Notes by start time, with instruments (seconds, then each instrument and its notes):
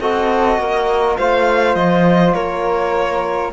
0.00 cello C4, trombone F#4, flute A4, violin D#5
0.58 cello A#3, flute A#4
1.17 cello A3, trombone F4, flute C5, violin F5
1.75 cello F3, violin D#5
2.34 cello A#3, flute A#4, violin C#5